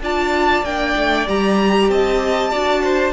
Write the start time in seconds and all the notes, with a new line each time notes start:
0.00 D4 F4 D5 A5
0.63 A#3 D4 G5
0.96 A3
1.27 G3 G4 A#5
1.89 C4 D#5 A5
2.51 D4 F#4 D5
2.83 C5